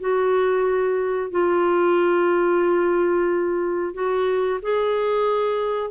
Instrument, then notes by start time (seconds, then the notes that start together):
clarinet
0.00 F#4
1.31 F4
3.94 F#4
4.62 G#4